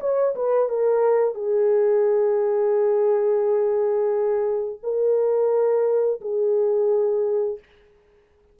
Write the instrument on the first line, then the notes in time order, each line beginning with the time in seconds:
horn
0.00 C#5
0.35 B4
0.69 A#4
1.34 G#4
4.82 A#4
6.21 G#4